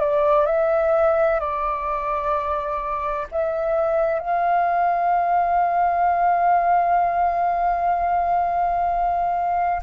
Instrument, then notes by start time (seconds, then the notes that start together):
flute
0.00 D5
0.46 E5
1.40 D5
3.32 E5
4.20 F5